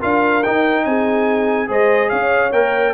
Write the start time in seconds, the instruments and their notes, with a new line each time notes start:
0.00 tuba D4, trombone F4, horn A#4, trumpet F5
0.43 trombone D#4, tuba D#4, trumpet G5
0.85 tuba C4, horn G#4, trumpet G#5
1.67 tuba G#3, trombone G#4, horn C5, trumpet D#5
2.09 tuba C#4, horn C#5, trumpet F5
2.53 tuba A#3, trombone A#4, trumpet G5